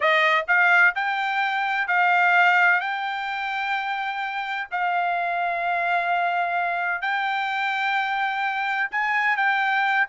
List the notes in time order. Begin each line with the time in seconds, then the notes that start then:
0.00 D#5
0.47 F5
0.95 G5
1.87 F5
2.80 G5
4.71 F5
7.01 G5
8.91 G#5
9.36 G5